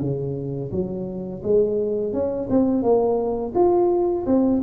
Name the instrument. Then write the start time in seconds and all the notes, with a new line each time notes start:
tuba
0.00 C#3
0.71 F#3
1.42 G#3
2.12 C#4
2.50 C4
2.82 A#3
3.54 F4
4.26 C4